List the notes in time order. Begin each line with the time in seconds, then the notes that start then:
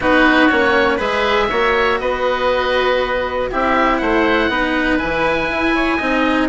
0.00 B3 D#4 F#4 B4
0.49 A#3 C#4 C#5
0.97 G#3 G#4 B4 E5
1.49 A#3 F#4 C#5
1.99 B3 B4 D#5
3.51 C4 E4 G4 E5
3.97 A3 C5 F#5
4.48 B3 D#4 B4
4.98 E3 E4 G#5
5.49 E4
5.75 C#5
5.97 C4 D#4 D#5